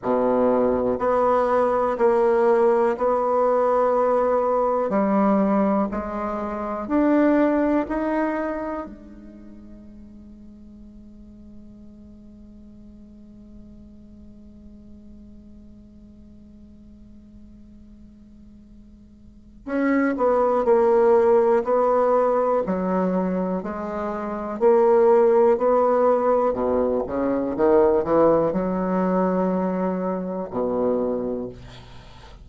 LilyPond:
\new Staff \with { instrumentName = "bassoon" } { \time 4/4 \tempo 4 = 61 b,4 b4 ais4 b4~ | b4 g4 gis4 d'4 | dis'4 gis2.~ | gis1~ |
gis1 | cis'8 b8 ais4 b4 fis4 | gis4 ais4 b4 b,8 cis8 | dis8 e8 fis2 b,4 | }